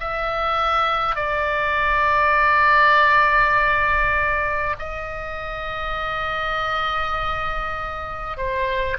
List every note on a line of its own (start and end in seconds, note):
0.00 1.16 E5
1.16 4.76 D5
4.78 8.37 D#5
8.37 8.97 C5